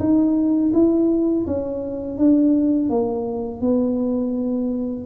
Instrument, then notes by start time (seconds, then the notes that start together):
tuba
0.00 D#4
0.74 E4
1.47 C#4
2.18 D4
2.89 A#3
3.61 B3